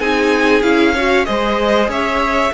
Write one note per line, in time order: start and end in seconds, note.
0.00 0.63 C4
0.00 0.63 D#4
0.00 0.94 G#4
0.00 0.63 G#5
0.63 1.27 C#4
0.63 0.94 E4
0.63 1.25 F5
0.94 1.25 F#4
0.94 1.26 C#5
1.25 1.88 G#3
1.25 2.52 G#4
1.25 1.90 C5
1.25 1.89 D#5
1.88 2.52 C#4
1.88 2.53 C#5
1.88 2.54 E5